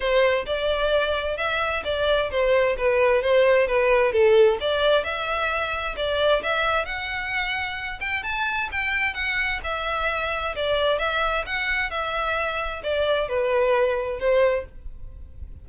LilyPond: \new Staff \with { instrumentName = "violin" } { \time 4/4 \tempo 4 = 131 c''4 d''2 e''4 | d''4 c''4 b'4 c''4 | b'4 a'4 d''4 e''4~ | e''4 d''4 e''4 fis''4~ |
fis''4. g''8 a''4 g''4 | fis''4 e''2 d''4 | e''4 fis''4 e''2 | d''4 b'2 c''4 | }